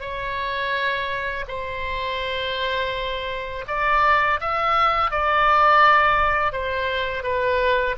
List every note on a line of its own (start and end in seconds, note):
0.00 1.45 C#5
1.48 3.65 C5
3.67 4.40 D5
4.40 5.11 E5
5.11 6.52 D5
6.52 7.23 C5
7.23 7.95 B4